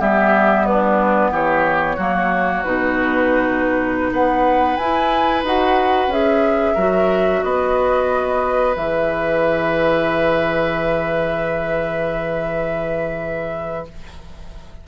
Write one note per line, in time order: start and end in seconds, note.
0.00 1.31 G3
0.00 1.98 B3
0.00 0.66 G4
0.00 0.66 E5
0.66 1.32 D4
0.66 1.32 B4
1.31 1.97 E3
1.31 1.96 G4
1.31 2.64 C#5
1.96 2.64 F#3
1.96 2.64 A#3
1.96 4.10 F#4
2.64 4.11 B2
2.64 4.79 D#4
2.64 4.12 B4
4.11 4.77 B3
4.11 6.74 B4
4.11 4.77 F#5
4.77 5.43 E4
4.77 5.46 E4
4.77 5.43 G#5
5.43 6.07 D#4
5.43 6.11 F#4
5.43 6.12 F#5
6.07 6.73 C#4
6.07 6.77 G#4
6.07 7.43 E5
6.74 7.42 F#3
6.74 8.74 F#4
6.74 7.40 A#4
7.43 8.76 B3
7.43 13.86 B4
7.43 8.75 D#5
8.74 13.87 E3
8.74 13.85 G#4
8.74 13.87 E5